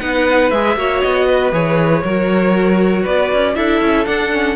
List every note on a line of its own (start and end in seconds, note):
0.00 0.52 B3
0.00 0.51 D#4
0.00 0.77 B4
0.00 0.51 F#5
0.51 0.76 G#3
0.51 0.77 G#4
0.51 1.01 E5
0.76 1.01 A#3
0.76 1.52 F#4
0.76 1.27 C#5
1.01 1.53 B3
1.01 1.52 D#5
1.27 2.04 B4
1.52 2.03 E3
1.52 2.03 G#4
1.52 3.06 C#5
2.04 3.06 F#3
2.04 3.55 F#4
2.04 3.03 A#4
3.03 3.33 B3
3.03 3.54 B4
3.03 3.56 D5
3.33 3.57 C#4
3.55 3.81 D4
3.55 4.06 E4
3.55 4.56 A4
3.55 4.06 E5
3.81 4.07 C#4
4.06 4.31 D4
4.06 4.56 D4
4.06 4.56 F#5
4.32 4.56 C#4